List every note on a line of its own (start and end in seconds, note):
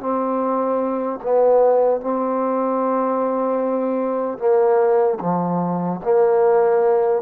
0.00 1.20 C4
1.23 2.01 B3
2.01 4.39 C4
4.39 5.19 A#3
5.21 6.01 F3
6.04 7.23 A#3